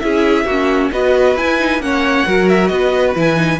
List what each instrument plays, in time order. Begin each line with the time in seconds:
0.00 cello C#4, viola E4, violin G#4 E5
0.45 cello A#3, violin F#4
0.51 viola C#4
0.92 cello B3, viola F#4, violin B4 D#5
1.35 cello E4, viola E4, violin G#5
1.59 viola D#4
1.79 cello A#3, viola C#4, violin F#5
1.85 violin C#5
2.26 cello F#3, viola F#4, violin A#4
2.49 violin E5
2.67 cello B3, violin B4 D#5
3.15 cello E3, viola E4, violin G#5
3.36 viola D#4